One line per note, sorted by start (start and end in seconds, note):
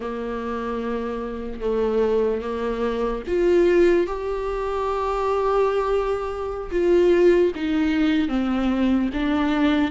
0.00 1.60 A#3
1.60 2.41 A3
2.41 3.22 A#3
3.27 4.07 F4
4.07 6.70 G4
6.71 7.52 F4
7.55 8.28 D#4
8.28 9.09 C4
9.13 9.91 D4